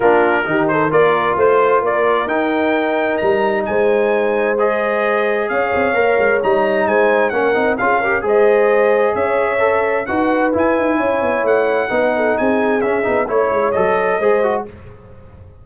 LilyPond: <<
  \new Staff \with { instrumentName = "trumpet" } { \time 4/4 \tempo 4 = 131 ais'4. c''8 d''4 c''4 | d''4 g''2 ais''4 | gis''2 dis''2 | f''2 ais''4 gis''4 |
fis''4 f''4 dis''2 | e''2 fis''4 gis''4~ | gis''4 fis''2 gis''4 | e''4 cis''4 dis''2 | }
  \new Staff \with { instrumentName = "horn" } { \time 4/4 f'4 g'8 a'8 ais'4 c''4 | ais'1 | c''1 | cis''2. c''4 |
ais'4 gis'8 ais'8 c''2 | cis''2 b'2 | cis''2 b'8 a'8 gis'4~ | gis'4 cis''2 c''4 | }
  \new Staff \with { instrumentName = "trombone" } { \time 4/4 d'4 dis'4 f'2~ | f'4 dis'2.~ | dis'2 gis'2~ | gis'4 ais'4 dis'2 |
cis'8 dis'8 f'8 g'8 gis'2~ | gis'4 a'4 fis'4 e'4~ | e'2 dis'2 | cis'8 dis'8 e'4 a'4 gis'8 fis'8 | }
  \new Staff \with { instrumentName = "tuba" } { \time 4/4 ais4 dis4 ais4 a4 | ais4 dis'2 g4 | gis1 | cis'8 c'8 ais8 gis8 g4 gis4 |
ais8 c'8 cis'4 gis2 | cis'2 dis'4 e'8 dis'8 | cis'8 b8 a4 b4 c'4 | cis'8 b8 a8 gis8 fis4 gis4 | }
>>